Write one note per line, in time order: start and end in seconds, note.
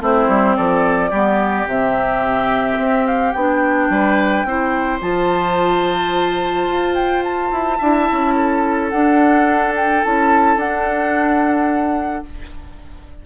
0.00 0.28 A3
0.00 1.12 C4
0.00 0.57 E4
0.00 0.56 C5
0.28 0.56 G3
0.56 1.11 F3
0.56 1.10 A4
0.56 1.67 D5
1.10 1.66 G3
1.10 1.68 B3
1.10 3.88 G4
1.66 2.78 C3
1.66 3.36 C4
1.66 3.06 E5
2.78 3.34 C4
3.06 3.32 F5
3.32 3.90 B3
3.32 4.47 D4
3.32 4.99 G5
3.90 4.45 G3
3.90 4.47 B4
4.45 5.00 C4
4.45 5.00 E4
4.45 7.78 C5
5.00 6.68 F3
5.00 7.78 F4
5.00 6.95 A5
6.68 7.51 F4
6.95 7.23 G5
7.24 8.89 A5
7.51 7.79 E4
7.78 8.09 D4
7.78 8.92 E4
7.78 8.34 E5
8.12 8.92 C#4
8.35 12.24 A4
8.89 10.03 D4
8.89 9.73 F#5
9.76 10.04 G5
10.03 10.56 C#4
10.03 10.58 E4
10.03 10.59 A5
10.56 12.23 D4
10.56 12.25 D4
10.56 12.26 F#5